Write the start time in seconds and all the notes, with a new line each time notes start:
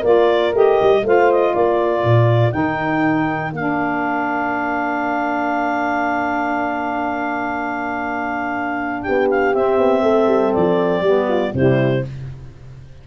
0.00 A#3 F4 A#4 D5
0.53 A3 G4 D#5
0.81 G3
1.03 A3 F4 C5 F5
1.32 D#5
1.54 A#3 A#4 D5
2.04 A#2
2.51 D#3 D#4 G5
3.52 A#3 D4 F5
9.02 G4 G5
9.08 B3
9.30 F5
9.54 C4 E5
9.78 B3
10.02 A3 A4
10.27 G3
10.53 F3 D5
11.01 G3 B3 G4
11.28 F4
11.54 C3 G3 E4 C5